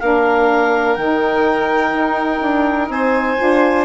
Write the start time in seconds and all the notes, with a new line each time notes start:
0.00 A#3 D4 A#4 F5
0.96 D#3 D#4 G5
1.92 D#4
2.41 D4
2.89 C4 C5 G#5
3.37 D4 F4